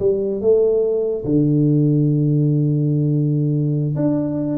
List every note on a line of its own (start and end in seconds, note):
0.00 0.41 G3
0.41 1.25 A3
1.25 3.96 D3
3.96 4.58 D4